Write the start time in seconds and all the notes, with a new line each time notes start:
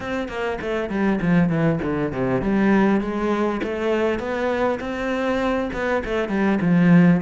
0.00 C4
0.28 A#3
0.61 A3
0.89 G3
1.21 F3
1.49 E3
1.82 D3
2.12 C3
2.41 G3
3.00 G#3
3.63 A3
4.19 B3
4.80 C4
5.73 B3
6.04 A3
6.28 G3
6.61 F3